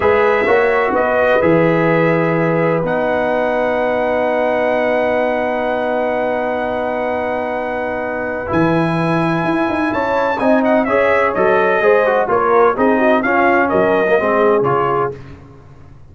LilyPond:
<<
  \new Staff \with { instrumentName = "trumpet" } { \time 4/4 \tempo 4 = 127 e''2 dis''4 e''4~ | e''2 fis''2~ | fis''1~ | fis''1~ |
fis''2 gis''2~ | gis''4 a''4 gis''8 fis''8 e''4 | dis''2 cis''4 dis''4 | f''4 dis''2 cis''4 | }
  \new Staff \with { instrumentName = "horn" } { \time 4/4 b'4 cis''4 b'2~ | b'1~ | b'1~ | b'1~ |
b'1~ | b'4 cis''4 dis''4 cis''4~ | cis''4 c''4 ais'4 gis'8 fis'8 | f'4 ais'4 gis'2 | }
  \new Staff \with { instrumentName = "trombone" } { \time 4/4 gis'4 fis'2 gis'4~ | gis'2 dis'2~ | dis'1~ | dis'1~ |
dis'2 e'2~ | e'2 dis'4 gis'4 | a'4 gis'8 fis'8 f'4 dis'4 | cis'4.~ cis'16 ais16 c'4 f'4 | }
  \new Staff \with { instrumentName = "tuba" } { \time 4/4 gis4 ais4 b4 e4~ | e2 b2~ | b1~ | b1~ |
b2 e2 | e'8 dis'8 cis'4 c'4 cis'4 | fis4 gis4 ais4 c'4 | cis'4 fis4 gis4 cis4 | }
>>